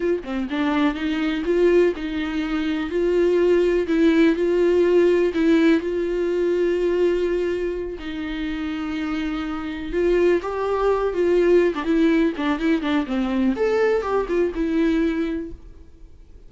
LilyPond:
\new Staff \with { instrumentName = "viola" } { \time 4/4 \tempo 4 = 124 f'8 c'8 d'4 dis'4 f'4 | dis'2 f'2 | e'4 f'2 e'4 | f'1~ |
f'8 dis'2.~ dis'8~ | dis'8 f'4 g'4. f'4~ | f'16 d'16 e'4 d'8 e'8 d'8 c'4 | a'4 g'8 f'8 e'2 | }